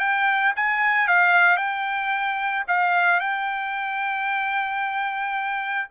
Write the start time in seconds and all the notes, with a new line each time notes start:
0.00 G5
0.56 G#5
1.08 F5
1.57 G5
2.68 F5
3.20 G5